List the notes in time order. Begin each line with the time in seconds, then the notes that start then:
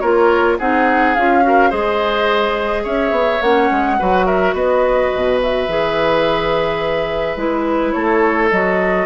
0.00 A#3 F4 A#4 C#5
0.59 C4 D#4 G#4 F#5
1.15 C#4 F4 F5
1.42 F#4 A#4
1.70 G#3 G#4 C5 D#5
2.84 C#4 C#5 E5
3.11 B3
3.42 A#3 C#4 F#5
3.71 G#3
3.99 F#3 F#4 B4
4.26 A#4 E5
4.54 B3 B4 D#5
5.15 B2
5.42 E5
5.68 E3 G#4
7.36 G#3 E4 B4
7.92 A3 A4 C#5
8.51 F#3 F#4 D#5